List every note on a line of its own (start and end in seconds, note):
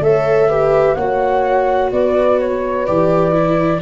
0.00 0.95 A3
0.00 0.49 A4
0.00 0.49 C#5
0.00 0.95 E5
0.49 0.97 G4
0.49 0.96 B4
0.95 1.92 A#3
0.95 2.87 F#4
0.95 1.92 C#5
0.95 1.90 F#5
1.92 2.87 B3
1.92 3.82 B4
1.92 2.39 D5
2.40 2.86 C#5
2.86 3.82 E3
2.86 3.32 G4
2.86 3.81 D5
3.32 3.80 E4